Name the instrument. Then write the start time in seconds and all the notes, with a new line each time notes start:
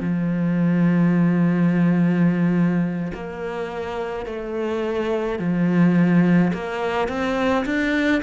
cello
0.00 F3
3.13 A#3
4.26 A3
5.39 F3
6.53 A#3
7.08 C4
7.65 D4